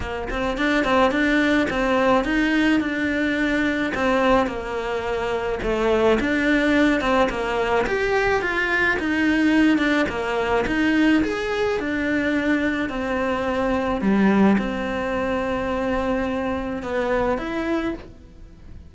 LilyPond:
\new Staff \with { instrumentName = "cello" } { \time 4/4 \tempo 4 = 107 ais8 c'8 d'8 c'8 d'4 c'4 | dis'4 d'2 c'4 | ais2 a4 d'4~ | d'8 c'8 ais4 g'4 f'4 |
dis'4. d'8 ais4 dis'4 | gis'4 d'2 c'4~ | c'4 g4 c'2~ | c'2 b4 e'4 | }